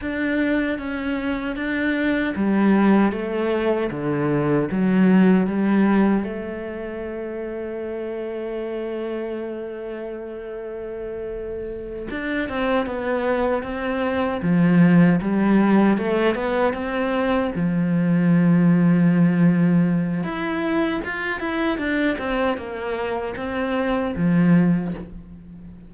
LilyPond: \new Staff \with { instrumentName = "cello" } { \time 4/4 \tempo 4 = 77 d'4 cis'4 d'4 g4 | a4 d4 fis4 g4 | a1~ | a2.~ a8 d'8 |
c'8 b4 c'4 f4 g8~ | g8 a8 b8 c'4 f4.~ | f2 e'4 f'8 e'8 | d'8 c'8 ais4 c'4 f4 | }